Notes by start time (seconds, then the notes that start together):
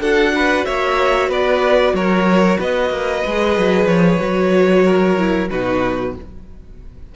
0.00 D4 F#4 A4 F#5
0.35 B4
0.65 A#3 C#5 E5
1.28 B3 B4 D5
1.93 F#3 A#4 C#5
2.58 B3 B4 D#5
2.90 A#3
3.25 G#3 G#4
3.58 F#3
3.85 F3 C#5
4.20 F#3 F#4
4.84 A#4
5.17 E4
5.50 B2 D#4 F#4 B4